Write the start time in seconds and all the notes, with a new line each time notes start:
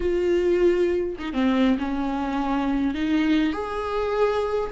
0.00 F4
1.18 D#4
1.33 C4
1.78 C#4
2.94 D#4
3.52 G#4